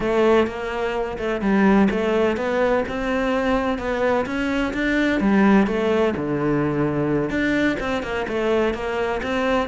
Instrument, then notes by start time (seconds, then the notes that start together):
cello
0.00 A3
0.46 A#3
1.18 A3
1.41 G3
1.90 A3
2.36 B3
2.88 C4
3.78 B3
4.25 C#4
4.73 D4
5.20 G3
5.66 A3
6.16 D3
7.30 D4
7.80 C4
8.03 A#3
8.28 A3
8.73 A#3
9.23 C4